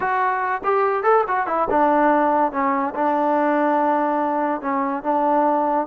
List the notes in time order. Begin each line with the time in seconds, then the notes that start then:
0.00 F#4
0.64 G4
1.03 A4
1.27 F#4
1.46 E4
1.70 D4
2.52 C#4
2.94 D4
4.61 C#4
5.03 D4